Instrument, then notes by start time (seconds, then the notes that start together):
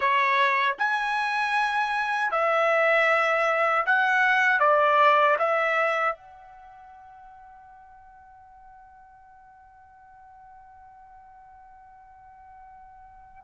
trumpet
0.00 C#5
0.78 G#5
2.31 E5
3.85 F#5
4.59 D5
5.38 E5
6.15 F#5